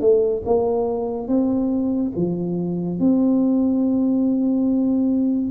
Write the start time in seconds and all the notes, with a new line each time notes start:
0.00 A3
0.45 A#3
1.27 C4
2.15 F3
2.99 C4